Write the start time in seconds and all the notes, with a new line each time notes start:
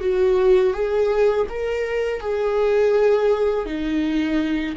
0.00 F#4
0.74 G#4
1.49 A#4
2.21 G#4
3.66 D#4